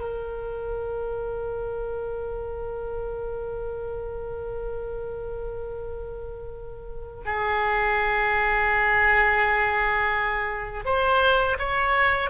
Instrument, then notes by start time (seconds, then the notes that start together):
oboe
0.00 A#4
7.25 G#4
10.85 C5
11.59 C#5